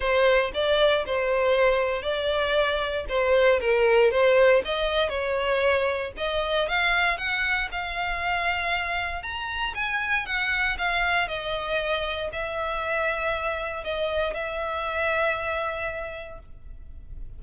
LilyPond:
\new Staff \with { instrumentName = "violin" } { \time 4/4 \tempo 4 = 117 c''4 d''4 c''2 | d''2 c''4 ais'4 | c''4 dis''4 cis''2 | dis''4 f''4 fis''4 f''4~ |
f''2 ais''4 gis''4 | fis''4 f''4 dis''2 | e''2. dis''4 | e''1 | }